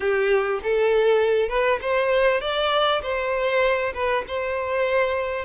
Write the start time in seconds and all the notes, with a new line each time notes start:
0.00 G4
0.63 A4
1.48 B4
1.81 C5
2.40 D5
3.02 C5
3.94 B4
4.27 C5